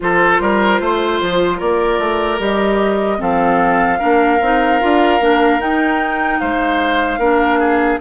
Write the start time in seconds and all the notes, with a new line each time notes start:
0.00 F3 F4 A4 C5
0.40 G3 A#4
0.80 A3 C5
1.21 F3
1.57 A#3 A#4 D5
1.99 A3
2.39 G3 G4 D#5
3.18 F3 C4 A4 F5
3.99 A#3 D4 A#4
4.41 C4 D#4
4.79 D4 F4
5.20 A#3 D4
5.58 D#4 G5
6.39 G#3 C5 F5
7.18 A#3 D4 A#4
7.59 G#4